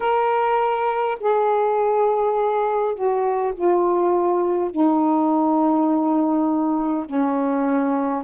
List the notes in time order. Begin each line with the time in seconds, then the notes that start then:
0.00 A#4
1.20 G#4
2.94 F#4
3.54 F4
4.71 D#4
7.06 C#4